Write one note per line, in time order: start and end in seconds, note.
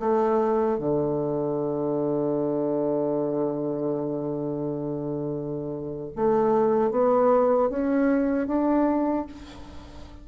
0.00 0.79 A3
0.79 6.11 D3
6.16 6.91 A3
6.91 7.70 B3
7.70 8.47 C#4
8.47 9.26 D4